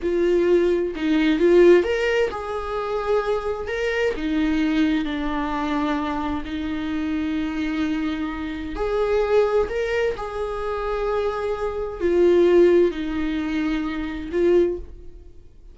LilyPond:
\new Staff \with { instrumentName = "viola" } { \time 4/4 \tempo 4 = 130 f'2 dis'4 f'4 | ais'4 gis'2. | ais'4 dis'2 d'4~ | d'2 dis'2~ |
dis'2. gis'4~ | gis'4 ais'4 gis'2~ | gis'2 f'2 | dis'2. f'4 | }